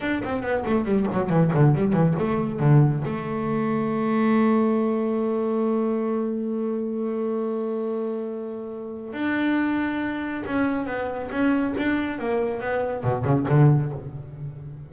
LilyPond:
\new Staff \with { instrumentName = "double bass" } { \time 4/4 \tempo 4 = 138 d'8 c'8 b8 a8 g8 fis8 e8 d8 | g8 e8 a4 d4 a4~ | a1~ | a1~ |
a1~ | a4 d'2. | cis'4 b4 cis'4 d'4 | ais4 b4 b,8 cis8 d4 | }